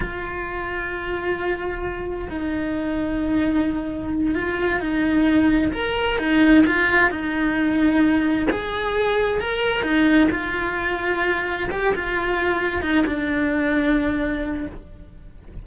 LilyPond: \new Staff \with { instrumentName = "cello" } { \time 4/4 \tempo 4 = 131 f'1~ | f'4 dis'2.~ | dis'4. f'4 dis'4.~ | dis'8 ais'4 dis'4 f'4 dis'8~ |
dis'2~ dis'8 gis'4.~ | gis'8 ais'4 dis'4 f'4.~ | f'4. g'8 f'2 | dis'8 d'2.~ d'8 | }